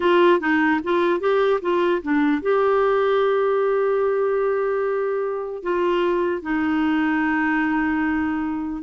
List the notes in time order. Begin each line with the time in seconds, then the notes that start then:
0.00 F4
0.40 D#4
0.83 F4
1.20 G4
1.61 F4
2.02 D4
2.42 G4
5.62 F4
6.41 D#4